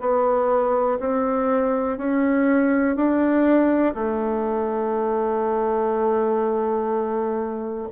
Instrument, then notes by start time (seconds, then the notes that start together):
bassoon
0.00 B3
1.00 C4
1.98 C#4
2.96 D4
3.94 A3